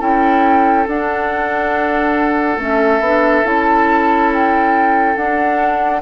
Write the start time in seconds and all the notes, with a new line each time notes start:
0.00 C#4 E4 A4 G5
0.87 D4 F#5
2.57 A3 C#4 E5
3.00 B3 D4
3.45 C#4 E4 A5
4.33 G5
5.16 D4 F#5